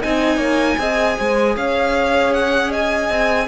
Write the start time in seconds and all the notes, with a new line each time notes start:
0.00 C4 D#4 D#5 G#5
0.37 A#3 C#5
0.79 C4 G#4 D#5
1.18 G#3 C5
1.55 C#4 C#5 F5
2.34 F#5
2.69 D#5 G#5
3.10 C4